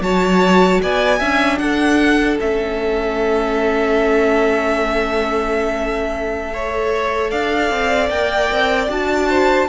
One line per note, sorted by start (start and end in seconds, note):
0.00 0.79 F#3
0.00 1.21 F#4
0.00 0.81 C#5
0.00 0.81 A5
0.82 1.20 B3
0.82 1.19 D5
0.82 1.58 G#5
1.19 1.59 C#4
1.19 2.39 D4
1.19 1.58 E5
1.58 2.38 D4
1.58 6.53 A4
1.58 2.37 F#5
2.39 7.32 A3
2.39 6.53 C#4
2.39 7.30 E5
6.53 8.12 A4
6.53 7.31 C#5
7.30 7.70 D4
7.30 9.28 D5
7.30 8.09 F5
7.70 8.09 C4
8.09 8.49 A#3
8.09 8.88 A#4
8.09 8.88 G5
8.51 8.88 C4
8.88 9.67 D4
8.88 9.67 F#4
8.88 9.69 A5
9.28 9.68 C5